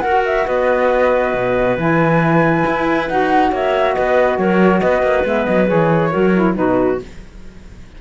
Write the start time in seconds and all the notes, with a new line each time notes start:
0.00 F#4 A#4 F#5
0.25 E5
0.46 B3 B4 D#5
1.34 B2
1.77 E3 E4 G#5
2.66 E4
3.08 D#4 F#4 F#5
3.51 A#3 C#5 E5
3.94 B3 B4 D#5
4.38 F#3 A#4 C#5
4.80 B3 B4 D#5
5.02 A#3
5.25 G#3 B3 E5
5.45 F#3 D#5
5.67 E3 G#4 C#5
6.10 F#3 F#4 A#4
6.34 E4
6.55 B2 D#4 F#4 B4